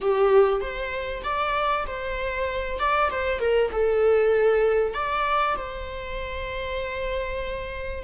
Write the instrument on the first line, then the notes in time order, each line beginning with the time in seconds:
viola
0.00 G4
0.60 C5
1.23 D5
1.86 C5
2.79 D5
3.10 C5
3.39 A#4
3.71 A4
4.94 D5
5.56 C5